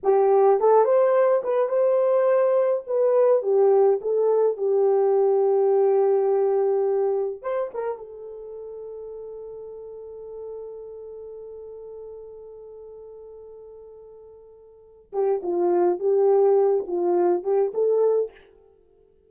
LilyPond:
\new Staff \with { instrumentName = "horn" } { \time 4/4 \tempo 4 = 105 g'4 a'8 c''4 b'8 c''4~ | c''4 b'4 g'4 a'4 | g'1~ | g'4 c''8 ais'8 a'2~ |
a'1~ | a'1~ | a'2~ a'8 g'8 f'4 | g'4. f'4 g'8 a'4 | }